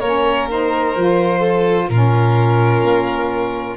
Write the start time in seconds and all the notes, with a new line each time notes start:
0.00 A#3 C#4 A#4 C#5
0.50 D#4 C5
0.96 F3 F4
1.39 A4
1.89 A#2 C#4 F4 A#4
2.83 A#3